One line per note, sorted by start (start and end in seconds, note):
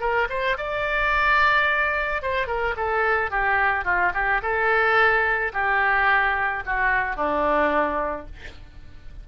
0.00 0.28 A#4
0.29 0.57 C5
0.57 2.22 D5
2.22 2.46 C5
2.46 2.74 A#4
2.76 3.30 A4
3.30 3.84 G4
3.84 4.12 F4
4.13 4.41 G4
4.42 5.52 A4
5.53 6.63 G4
6.65 7.16 F#4
7.16 8.26 D4